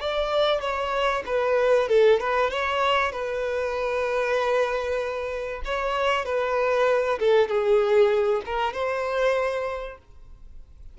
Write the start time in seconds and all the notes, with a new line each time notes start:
0.00 D5
0.61 C#5
1.26 B4
1.88 A4
2.20 B4
2.50 C#5
3.12 B4
5.65 C#5
6.25 B4
7.19 A4
7.48 G#4
8.45 A#4
8.73 C5